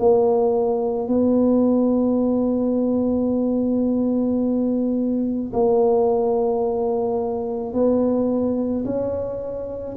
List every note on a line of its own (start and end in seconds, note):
0.00 1.08 A#3
1.08 5.53 B3
5.54 7.74 A#3
7.74 8.85 B3
8.85 9.96 C#4